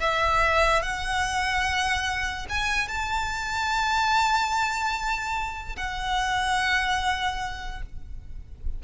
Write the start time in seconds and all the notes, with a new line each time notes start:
0.00 E5
0.82 F#5
2.49 G#5
2.88 A5
5.76 F#5